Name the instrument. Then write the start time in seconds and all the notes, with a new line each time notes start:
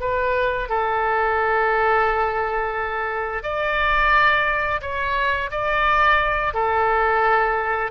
oboe
0.00 B4
0.69 A4
3.43 D5
4.81 C#5
5.51 D5
6.54 A4